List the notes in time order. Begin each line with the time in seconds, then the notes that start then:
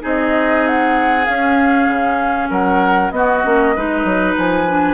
0.00 C4 D#4 G#4 D#5
0.67 F#5
1.25 C#4 F5
1.88 C#3
2.50 F#3 A#4 F#5
3.11 B3 F#4 D#5
3.44 A#3 C#4
3.75 G#3 D#4 B4
4.04 F#3
4.37 F3 G#5
4.68 D4